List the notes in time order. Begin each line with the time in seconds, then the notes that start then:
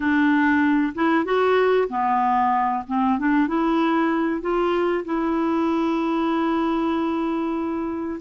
0.00 D4
0.94 E4
1.25 F#4
1.89 B3
2.87 C4
3.18 D4
3.47 E4
4.41 F4
5.04 E4